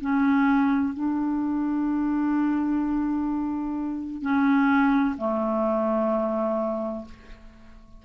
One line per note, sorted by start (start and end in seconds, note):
0.00 0.94 C#4
0.94 4.22 D4
4.22 5.16 C#4
5.17 7.05 A3